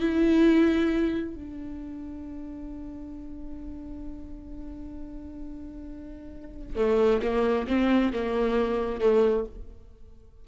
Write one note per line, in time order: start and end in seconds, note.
0.00 1.35 E4
1.35 6.76 D4
6.76 7.21 A3
7.22 7.67 A#3
7.68 8.13 C4
8.13 9.01 A#3
9.01 9.46 A3